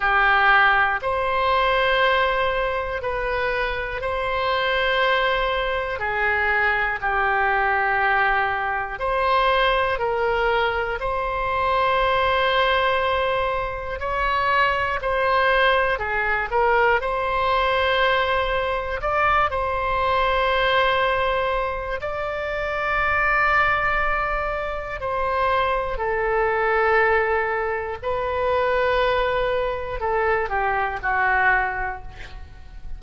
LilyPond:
\new Staff \with { instrumentName = "oboe" } { \time 4/4 \tempo 4 = 60 g'4 c''2 b'4 | c''2 gis'4 g'4~ | g'4 c''4 ais'4 c''4~ | c''2 cis''4 c''4 |
gis'8 ais'8 c''2 d''8 c''8~ | c''2 d''2~ | d''4 c''4 a'2 | b'2 a'8 g'8 fis'4 | }